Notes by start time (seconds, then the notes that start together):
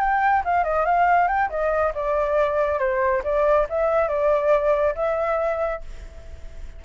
0.00 G5
0.45 F5
0.64 D#5
0.85 F5
1.28 G5
1.50 D#5
1.94 D5
2.79 C5
3.24 D5
3.69 E5
4.08 D5
4.95 E5